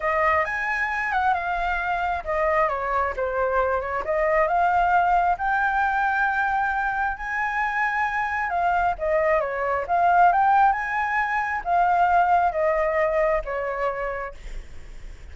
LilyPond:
\new Staff \with { instrumentName = "flute" } { \time 4/4 \tempo 4 = 134 dis''4 gis''4. fis''8 f''4~ | f''4 dis''4 cis''4 c''4~ | c''8 cis''8 dis''4 f''2 | g''1 |
gis''2. f''4 | dis''4 cis''4 f''4 g''4 | gis''2 f''2 | dis''2 cis''2 | }